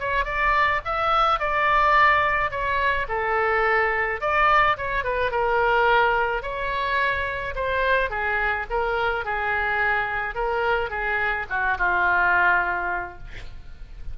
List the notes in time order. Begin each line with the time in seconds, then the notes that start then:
0.00 C#5
0.25 D5
0.85 E5
1.40 D5
2.51 C#5
3.09 A4
4.21 D5
4.78 C#5
5.05 B4
5.32 A#4
6.43 C#5
7.55 C5
8.10 G#4
8.70 A#4
9.25 G#4
10.35 A#4
10.90 G#4
11.50 F#4
11.78 F4